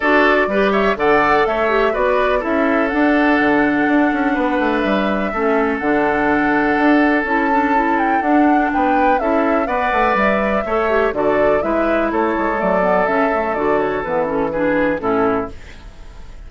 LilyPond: <<
  \new Staff \with { instrumentName = "flute" } { \time 4/4 \tempo 4 = 124 d''4. e''8 fis''4 e''4 | d''4 e''4 fis''2~ | fis''2 e''2 | fis''2. a''4~ |
a''8 g''8 fis''4 g''4 e''4 | fis''4 e''2 d''4 | e''4 cis''4 d''4 e''4 | d''8 cis''8 b'8 a'8 b'4 a'4 | }
  \new Staff \with { instrumentName = "oboe" } { \time 4/4 a'4 b'8 cis''8 d''4 cis''4 | b'4 a'2.~ | a'4 b'2 a'4~ | a'1~ |
a'2 b'4 a'4 | d''2 cis''4 a'4 | b'4 a'2.~ | a'2 gis'4 e'4 | }
  \new Staff \with { instrumentName = "clarinet" } { \time 4/4 fis'4 g'4 a'4. g'8 | fis'4 e'4 d'2~ | d'2. cis'4 | d'2. e'8 d'8 |
e'4 d'2 e'4 | b'2 a'8 g'8 fis'4 | e'2 a8 b8 cis'8 a8 | fis'4 b8 cis'8 d'4 cis'4 | }
  \new Staff \with { instrumentName = "bassoon" } { \time 4/4 d'4 g4 d4 a4 | b4 cis'4 d'4 d4 | d'8 cis'8 b8 a8 g4 a4 | d2 d'4 cis'4~ |
cis'4 d'4 b4 cis'4 | b8 a8 g4 a4 d4 | gis4 a8 gis8 fis4 cis4 | d4 e2 a,4 | }
>>